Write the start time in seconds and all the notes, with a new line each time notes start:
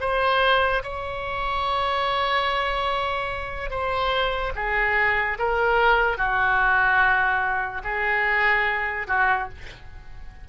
0.00 C5
0.83 C#5
3.70 C5
4.55 G#4
5.38 A#4
6.18 F#4
7.84 G#4
9.07 F#4